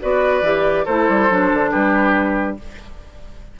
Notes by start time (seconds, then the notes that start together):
0.00 B3 F#4 B4 D5
0.41 E3 G4
0.85 A3 E4 A4 C5
1.08 G3
1.30 F#3 D4
1.53 D3
1.71 G3 G4 B4